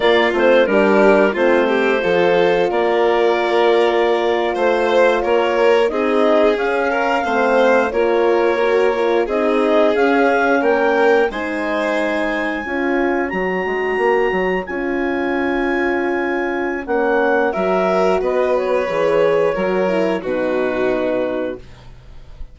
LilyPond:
<<
  \new Staff \with { instrumentName = "clarinet" } { \time 4/4 \tempo 4 = 89 d''8 c''8 ais'4 c''2 | d''2~ d''8. c''4 cis''16~ | cis''8. dis''4 f''2 cis''16~ | cis''4.~ cis''16 dis''4 f''4 g''16~ |
g''8. gis''2. ais''16~ | ais''4.~ ais''16 gis''2~ gis''16~ | gis''4 fis''4 e''4 dis''8 cis''8~ | cis''2 b'2 | }
  \new Staff \with { instrumentName = "violin" } { \time 4/4 f'4 g'4 f'8 g'8 a'4 | ais'2~ ais'8. c''4 ais'16~ | ais'8. gis'4. ais'8 c''4 ais'16~ | ais'4.~ ais'16 gis'2 ais'16~ |
ais'8. c''2 cis''4~ cis''16~ | cis''1~ | cis''2 ais'4 b'4~ | b'4 ais'4 fis'2 | }
  \new Staff \with { instrumentName = "horn" } { \time 4/4 ais8 c'8 d'4 c'4 f'4~ | f'1~ | f'8. dis'4 cis'4 c'4 f'16~ | f'8. fis'8 f'8 dis'4 cis'4~ cis'16~ |
cis'8. dis'2 f'4 fis'16~ | fis'4.~ fis'16 f'2~ f'16~ | f'4 cis'4 fis'2 | gis'4 fis'8 e'8 dis'2 | }
  \new Staff \with { instrumentName = "bassoon" } { \time 4/4 ais8 a8 g4 a4 f4 | ais2~ ais8. a4 ais16~ | ais8. c'4 cis'4 a4 ais16~ | ais4.~ ais16 c'4 cis'4 ais16~ |
ais8. gis2 cis'4 fis16~ | fis16 gis8 ais8 fis8 cis'2~ cis'16~ | cis'4 ais4 fis4 b4 | e4 fis4 b,2 | }
>>